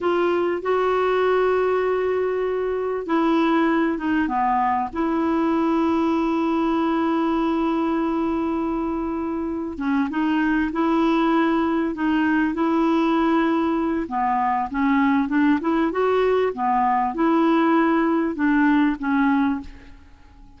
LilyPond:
\new Staff \with { instrumentName = "clarinet" } { \time 4/4 \tempo 4 = 98 f'4 fis'2.~ | fis'4 e'4. dis'8 b4 | e'1~ | e'1 |
cis'8 dis'4 e'2 dis'8~ | dis'8 e'2~ e'8 b4 | cis'4 d'8 e'8 fis'4 b4 | e'2 d'4 cis'4 | }